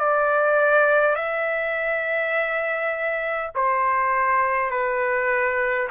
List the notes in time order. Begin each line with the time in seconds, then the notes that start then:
0.00 D5
1.16 E5
3.56 C5
4.71 B4